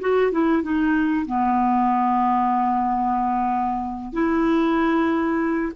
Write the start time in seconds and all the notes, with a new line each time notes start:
0.00 F#4
0.31 E4
0.62 D#4
1.25 B3
4.12 E4